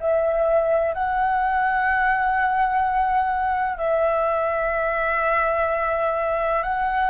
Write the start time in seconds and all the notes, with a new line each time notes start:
0.00 E5
0.94 F#5
3.77 E5
6.63 F#5